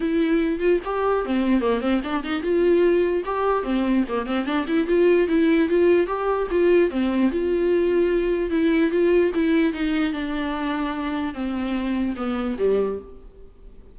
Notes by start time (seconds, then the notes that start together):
0.00 E4
0.59 F4
0.85 G4
1.25 C4
1.61 A#3
1.80 C4
2.03 D4
2.23 D#4
2.42 F4
3.25 G4
3.63 C4
4.08 A#3
4.25 C4
4.45 D4
4.67 E4
4.87 F4
5.28 E4
5.68 F4
6.06 G4
6.50 F4
6.90 C4
7.31 F4
8.50 E4
8.91 F4
9.34 E4
9.73 D#4
10.12 D4
11.34 C4
12.16 B3
12.58 G3